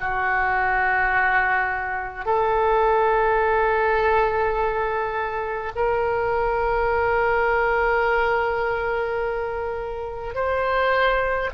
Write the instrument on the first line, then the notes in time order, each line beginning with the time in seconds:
oboe
0.00 F#4
2.25 A4
5.75 A#4
10.34 C5